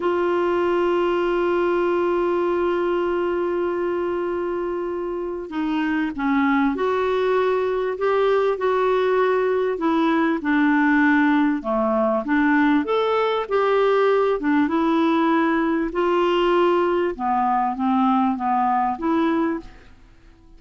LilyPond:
\new Staff \with { instrumentName = "clarinet" } { \time 4/4 \tempo 4 = 98 f'1~ | f'1~ | f'4 dis'4 cis'4 fis'4~ | fis'4 g'4 fis'2 |
e'4 d'2 a4 | d'4 a'4 g'4. d'8 | e'2 f'2 | b4 c'4 b4 e'4 | }